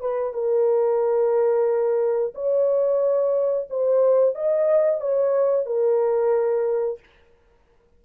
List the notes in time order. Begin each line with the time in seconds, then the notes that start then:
0.00 B4
0.33 A#4
2.34 C#5
3.69 C5
4.35 D#5
5.01 C#5
5.66 A#4